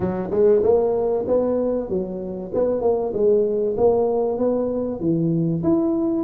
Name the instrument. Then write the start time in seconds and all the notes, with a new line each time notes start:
tuba
0.00 F#3
0.30 G#3
0.62 A#3
1.27 B3
1.89 F#3
2.53 B3
2.81 A#3
3.13 G#3
3.77 A#3
4.38 B3
4.99 E3
5.63 E4